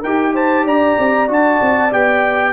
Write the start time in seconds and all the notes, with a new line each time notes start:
0.00 D#4 G4 A#4 G5
0.34 C5 A5
0.64 D4 D5 A#5
0.98 C4
1.28 D4 F#4 A5
1.61 C4
1.91 B3 G4 G5